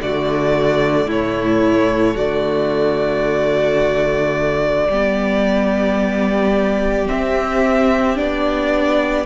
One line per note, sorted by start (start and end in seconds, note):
0.00 1.07 D3
0.00 4.91 A3
0.00 1.07 F#4
0.00 1.10 D5
1.07 2.16 A2
1.07 2.15 E4
1.07 2.17 C#5
2.15 4.89 D3
2.15 4.87 F#4
2.15 7.07 D5
4.89 7.07 G3
4.89 7.06 B3
4.89 9.26 G4
7.06 8.15 C4
7.06 8.17 E5
7.12 8.18 C4
8.15 9.26 B3
8.15 9.25 D4
8.15 9.26 D5